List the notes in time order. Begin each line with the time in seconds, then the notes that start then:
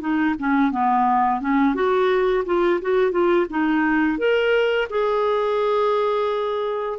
0.00 D#4
0.38 C#4
0.71 B3
1.40 C#4
1.74 F#4
2.45 F4
2.81 F#4
3.11 F4
3.49 D#4
4.18 A#4
4.89 G#4